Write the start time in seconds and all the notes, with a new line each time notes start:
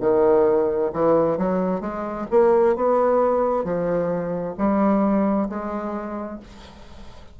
0.00 D#3
0.93 E3
1.38 F#3
1.81 G#3
2.31 A#3
2.76 B3
3.64 F3
4.58 G3
5.49 G#3